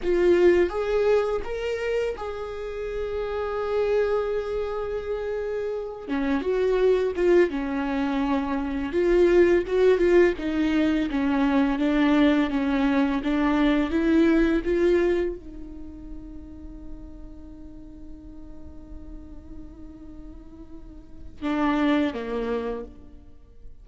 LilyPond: \new Staff \with { instrumentName = "viola" } { \time 4/4 \tempo 4 = 84 f'4 gis'4 ais'4 gis'4~ | gis'1~ | gis'8 cis'8 fis'4 f'8 cis'4.~ | cis'8 f'4 fis'8 f'8 dis'4 cis'8~ |
cis'8 d'4 cis'4 d'4 e'8~ | e'8 f'4 dis'2~ dis'8~ | dis'1~ | dis'2 d'4 ais4 | }